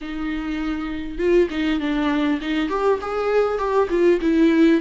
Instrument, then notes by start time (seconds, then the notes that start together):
viola
0.01 D#4
1.18 F4
1.50 D#4
1.79 D4
2.41 D#4
2.69 G4
3.01 G#4
3.58 G4
3.90 F4
4.21 E4